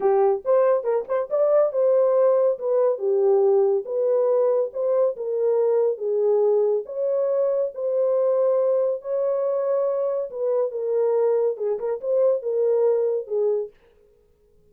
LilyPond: \new Staff \with { instrumentName = "horn" } { \time 4/4 \tempo 4 = 140 g'4 c''4 ais'8 c''8 d''4 | c''2 b'4 g'4~ | g'4 b'2 c''4 | ais'2 gis'2 |
cis''2 c''2~ | c''4 cis''2. | b'4 ais'2 gis'8 ais'8 | c''4 ais'2 gis'4 | }